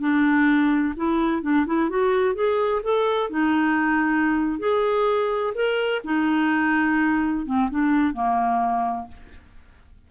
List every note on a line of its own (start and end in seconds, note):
0.00 0.94 D4
0.96 1.42 E4
1.42 1.66 D4
1.66 1.90 E4
1.90 2.35 F#4
2.35 2.82 G#4
2.83 3.30 A4
3.30 4.59 D#4
4.59 5.54 G#4
5.55 6.02 A#4
6.05 7.46 D#4
7.46 7.70 C4
7.71 8.14 D4
8.14 9.08 A#3